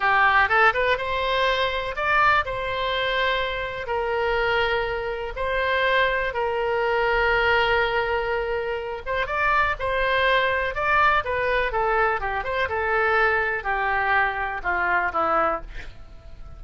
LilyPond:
\new Staff \with { instrumentName = "oboe" } { \time 4/4 \tempo 4 = 123 g'4 a'8 b'8 c''2 | d''4 c''2. | ais'2. c''4~ | c''4 ais'2.~ |
ais'2~ ais'8 c''8 d''4 | c''2 d''4 b'4 | a'4 g'8 c''8 a'2 | g'2 f'4 e'4 | }